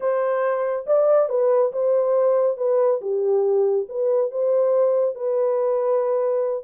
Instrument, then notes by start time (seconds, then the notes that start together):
horn
0.00 C5
0.86 D5
1.29 B4
1.72 C5
2.57 B4
3.01 G4
3.88 B4
4.31 C5
5.15 B4